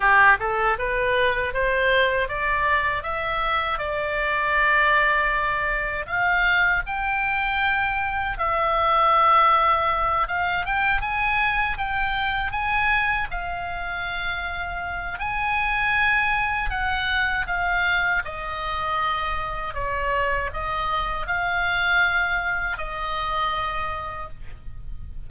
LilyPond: \new Staff \with { instrumentName = "oboe" } { \time 4/4 \tempo 4 = 79 g'8 a'8 b'4 c''4 d''4 | e''4 d''2. | f''4 g''2 e''4~ | e''4. f''8 g''8 gis''4 g''8~ |
g''8 gis''4 f''2~ f''8 | gis''2 fis''4 f''4 | dis''2 cis''4 dis''4 | f''2 dis''2 | }